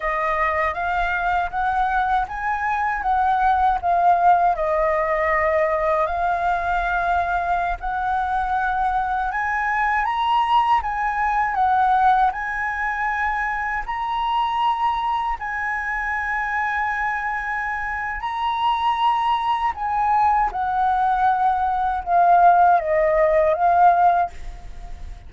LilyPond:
\new Staff \with { instrumentName = "flute" } { \time 4/4 \tempo 4 = 79 dis''4 f''4 fis''4 gis''4 | fis''4 f''4 dis''2 | f''2~ f''16 fis''4.~ fis''16~ | fis''16 gis''4 ais''4 gis''4 fis''8.~ |
fis''16 gis''2 ais''4.~ ais''16~ | ais''16 gis''2.~ gis''8. | ais''2 gis''4 fis''4~ | fis''4 f''4 dis''4 f''4 | }